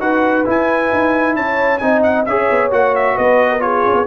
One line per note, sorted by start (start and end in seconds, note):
0.00 0.45 D#4
0.00 0.45 F#4
0.00 1.37 B4
0.00 0.46 F#5
0.45 1.81 E4
0.45 0.92 E4
0.45 1.36 G#5
0.93 1.36 D#4
1.36 1.81 C#4
1.36 1.82 C#5
1.36 1.79 A5
1.79 2.27 C4
1.79 2.27 D#4
1.79 2.29 D#5
1.79 2.01 G#5
2.03 2.26 F#5
2.26 2.50 C#4
2.26 2.71 G#4
2.26 3.16 C#5
2.26 2.71 E5
2.51 2.72 B3
2.71 3.17 A#3
2.71 3.60 F#4
2.71 2.96 F#5
2.96 3.18 E5
3.16 3.86 B3
3.16 3.50 B4
3.16 3.61 D#5
3.51 3.62 A#4
3.60 4.05 F4
3.60 4.07 G#4
3.60 4.07 C#5
3.86 3.94 C#4
3.94 4.05 B3